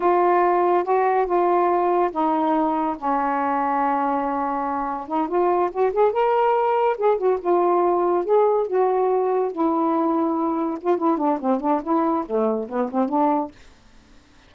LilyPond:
\new Staff \with { instrumentName = "saxophone" } { \time 4/4 \tempo 4 = 142 f'2 fis'4 f'4~ | f'4 dis'2 cis'4~ | cis'1 | dis'8 f'4 fis'8 gis'8 ais'4.~ |
ais'8 gis'8 fis'8 f'2 gis'8~ | gis'8 fis'2 e'4.~ | e'4. f'8 e'8 d'8 c'8 d'8 | e'4 a4 b8 c'8 d'4 | }